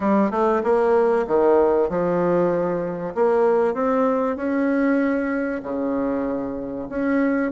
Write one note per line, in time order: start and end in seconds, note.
0.00 0.31 G3
0.31 0.62 A3
0.63 1.26 A#3
1.27 1.89 D#3
1.89 3.14 F3
3.14 3.74 A#3
3.74 4.36 C4
4.36 5.61 C#4
5.62 6.88 C#3
6.89 7.51 C#4